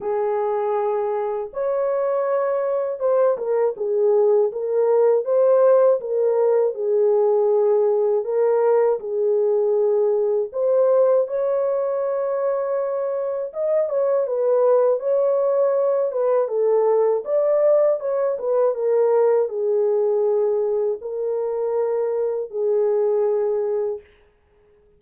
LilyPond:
\new Staff \with { instrumentName = "horn" } { \time 4/4 \tempo 4 = 80 gis'2 cis''2 | c''8 ais'8 gis'4 ais'4 c''4 | ais'4 gis'2 ais'4 | gis'2 c''4 cis''4~ |
cis''2 dis''8 cis''8 b'4 | cis''4. b'8 a'4 d''4 | cis''8 b'8 ais'4 gis'2 | ais'2 gis'2 | }